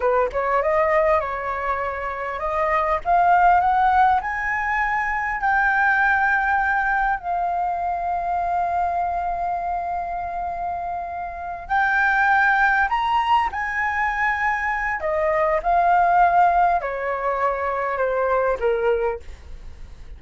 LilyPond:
\new Staff \with { instrumentName = "flute" } { \time 4/4 \tempo 4 = 100 b'8 cis''8 dis''4 cis''2 | dis''4 f''4 fis''4 gis''4~ | gis''4 g''2. | f''1~ |
f''2.~ f''8 g''8~ | g''4. ais''4 gis''4.~ | gis''4 dis''4 f''2 | cis''2 c''4 ais'4 | }